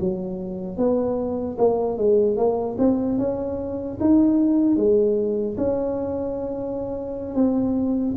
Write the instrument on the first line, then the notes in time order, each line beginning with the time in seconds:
tuba
0.00 F#3
0.77 B3
1.58 A#3
1.97 G#3
2.36 A#3
2.78 C4
3.18 C#4
4.00 D#4
4.76 G#3
5.57 C#4
7.35 C4